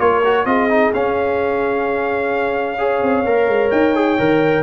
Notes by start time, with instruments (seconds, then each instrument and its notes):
0.00 tuba A#3, trombone F4, horn A#4, trumpet C#5
0.25 trombone F#4
0.46 tuba C4, trombone F4, horn G#4, trumpet D#5
0.70 trombone D#4
0.94 trombone C#4, tuba C#4, trumpet F5
2.78 trombone G#4, horn C#5
3.03 tuba C4
3.25 tuba A#3, trombone A#4
3.48 tuba G#3
3.71 tuba D#4, trumpet G5
3.95 trombone G#4
4.19 tuba D#3, trombone A#4